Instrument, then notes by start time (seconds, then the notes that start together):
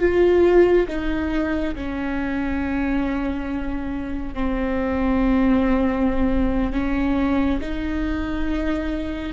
viola
0.00 F4
0.88 D#4
1.75 C#4
4.35 C4
6.73 C#4
7.61 D#4